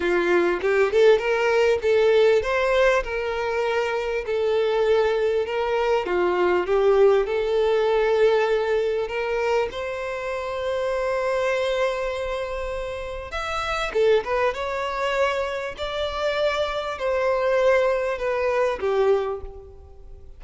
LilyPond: \new Staff \with { instrumentName = "violin" } { \time 4/4 \tempo 4 = 99 f'4 g'8 a'8 ais'4 a'4 | c''4 ais'2 a'4~ | a'4 ais'4 f'4 g'4 | a'2. ais'4 |
c''1~ | c''2 e''4 a'8 b'8 | cis''2 d''2 | c''2 b'4 g'4 | }